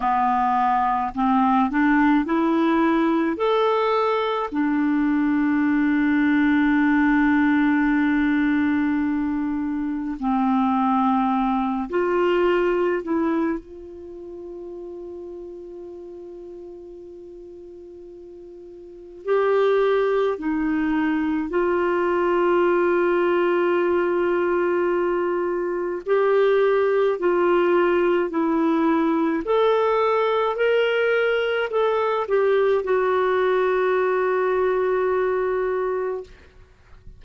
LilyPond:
\new Staff \with { instrumentName = "clarinet" } { \time 4/4 \tempo 4 = 53 b4 c'8 d'8 e'4 a'4 | d'1~ | d'4 c'4. f'4 e'8 | f'1~ |
f'4 g'4 dis'4 f'4~ | f'2. g'4 | f'4 e'4 a'4 ais'4 | a'8 g'8 fis'2. | }